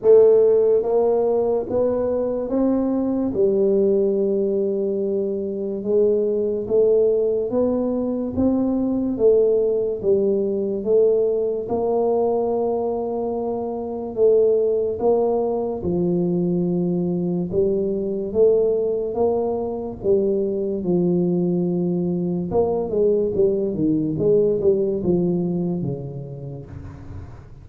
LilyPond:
\new Staff \with { instrumentName = "tuba" } { \time 4/4 \tempo 4 = 72 a4 ais4 b4 c'4 | g2. gis4 | a4 b4 c'4 a4 | g4 a4 ais2~ |
ais4 a4 ais4 f4~ | f4 g4 a4 ais4 | g4 f2 ais8 gis8 | g8 dis8 gis8 g8 f4 cis4 | }